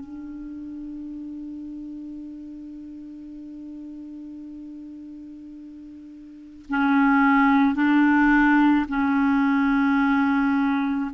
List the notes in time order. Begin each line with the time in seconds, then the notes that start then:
0.00 D4
6.70 C#4
7.75 D4
8.89 C#4